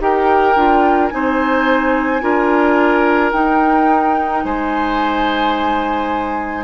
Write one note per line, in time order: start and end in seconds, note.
0.00 0.56 D#4
0.00 0.56 G4
0.00 1.14 A#4
0.00 1.09 G5
0.56 1.12 D4
0.56 1.11 F4
1.09 2.22 C4
1.09 2.21 D#4
1.09 2.23 C5
1.09 3.31 G#5
2.21 3.33 D4
2.21 3.32 F4
2.21 4.45 A#4
3.32 4.44 D#4
3.32 6.64 D#4
3.32 4.44 G5
4.44 6.64 G#3
4.44 6.64 C5
4.44 6.64 G#5